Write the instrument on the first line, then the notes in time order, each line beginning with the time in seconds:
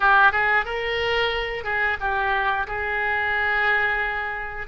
oboe
0.00 G4
0.32 G#4
0.65 A#4
1.64 G#4
2.00 G4
2.67 G#4